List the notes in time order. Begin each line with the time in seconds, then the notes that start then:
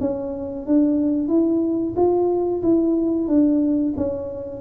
0.00 C#4
0.66 D4
1.28 E4
1.96 F4
2.62 E4
3.28 D4
3.96 C#4